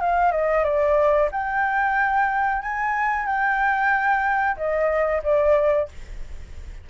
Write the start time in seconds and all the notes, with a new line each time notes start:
0.00 F5
0.31 D#5
0.63 D5
1.31 G5
2.61 G#5
3.25 G5
4.57 D#5
5.23 D5